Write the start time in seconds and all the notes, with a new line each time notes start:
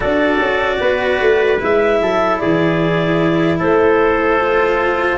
0.00 D4 F#4 A4 D5
0.39 C#4
0.80 B3 B4
1.20 A3
1.59 G#3 E4 E5
2.01 F#3 A4
2.38 E3 G#4 D5
3.59 A3 A4 C5
4.40 F4